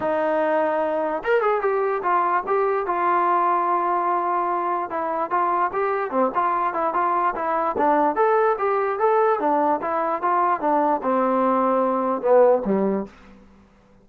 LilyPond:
\new Staff \with { instrumentName = "trombone" } { \time 4/4 \tempo 4 = 147 dis'2. ais'8 gis'8 | g'4 f'4 g'4 f'4~ | f'1 | e'4 f'4 g'4 c'8 f'8~ |
f'8 e'8 f'4 e'4 d'4 | a'4 g'4 a'4 d'4 | e'4 f'4 d'4 c'4~ | c'2 b4 g4 | }